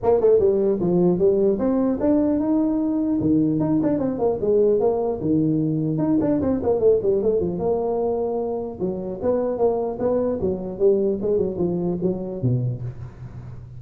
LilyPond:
\new Staff \with { instrumentName = "tuba" } { \time 4/4 \tempo 4 = 150 ais8 a8 g4 f4 g4 | c'4 d'4 dis'2 | dis4 dis'8 d'8 c'8 ais8 gis4 | ais4 dis2 dis'8 d'8 |
c'8 ais8 a8 g8 a8 f8 ais4~ | ais2 fis4 b4 | ais4 b4 fis4 g4 | gis8 fis8 f4 fis4 b,4 | }